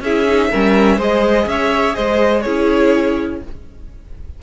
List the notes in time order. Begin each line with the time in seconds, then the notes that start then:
0.00 C#4 E4 G#4 E5
0.26 D#4
0.51 G3 C#4 A#4
0.97 G#3 G#4 C5 D#5
1.46 C#4 C#5 E5
1.95 G#3 C5 D#5
2.41 C#4 E4 G#4 C#5